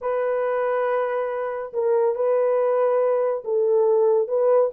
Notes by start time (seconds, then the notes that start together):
0.01 B4
1.73 A#4
2.15 B4
3.44 A4
4.27 B4